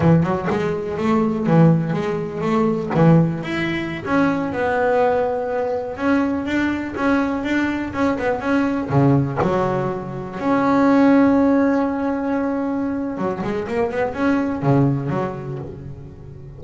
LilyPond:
\new Staff \with { instrumentName = "double bass" } { \time 4/4 \tempo 4 = 123 e8 fis8 gis4 a4 e4 | gis4 a4 e4 e'4~ | e'16 cis'4 b2~ b8.~ | b16 cis'4 d'4 cis'4 d'8.~ |
d'16 cis'8 b8 cis'4 cis4 fis8.~ | fis4~ fis16 cis'2~ cis'8.~ | cis'2. fis8 gis8 | ais8 b8 cis'4 cis4 fis4 | }